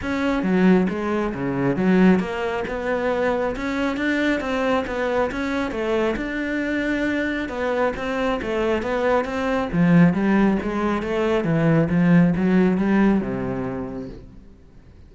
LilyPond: \new Staff \with { instrumentName = "cello" } { \time 4/4 \tempo 4 = 136 cis'4 fis4 gis4 cis4 | fis4 ais4 b2 | cis'4 d'4 c'4 b4 | cis'4 a4 d'2~ |
d'4 b4 c'4 a4 | b4 c'4 f4 g4 | gis4 a4 e4 f4 | fis4 g4 c2 | }